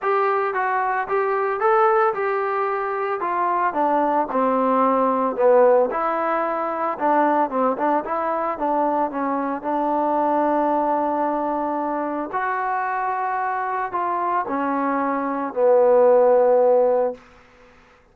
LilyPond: \new Staff \with { instrumentName = "trombone" } { \time 4/4 \tempo 4 = 112 g'4 fis'4 g'4 a'4 | g'2 f'4 d'4 | c'2 b4 e'4~ | e'4 d'4 c'8 d'8 e'4 |
d'4 cis'4 d'2~ | d'2. fis'4~ | fis'2 f'4 cis'4~ | cis'4 b2. | }